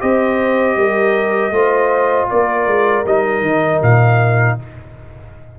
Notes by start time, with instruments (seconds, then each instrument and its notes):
0.00 tuba C4, trombone G4, horn C5, trumpet D#5
0.76 tuba G3, horn A#4
1.51 tuba A3, trombone F4, horn C5
2.30 tuba A#3, horn A#4, trumpet D5
2.66 tuba G#3
3.06 tuba G3, trombone D#4, trumpet D#5
3.42 tuba D#3
3.82 tuba A#2, trumpet F5